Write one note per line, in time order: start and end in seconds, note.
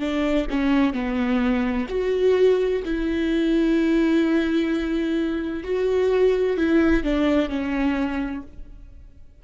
0.00 0.47 D4
0.50 0.93 C#4
0.93 1.87 B3
1.89 2.83 F#4
2.85 5.64 E4
5.64 6.57 F#4
6.57 7.04 E4
7.04 7.49 D4
7.49 8.43 C#4